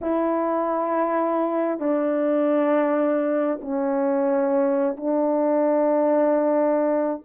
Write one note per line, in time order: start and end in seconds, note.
0.01 1.79 E4
1.79 3.60 D4
3.61 4.96 C#4
4.96 7.22 D4